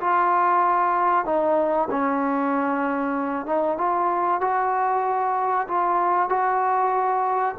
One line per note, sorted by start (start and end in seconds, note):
0.00 1.25 F4
1.25 1.89 D#4
1.91 3.46 C#4
3.46 3.78 D#4
3.78 4.41 F4
4.41 5.67 F#4
5.68 6.29 F4
6.29 7.56 F#4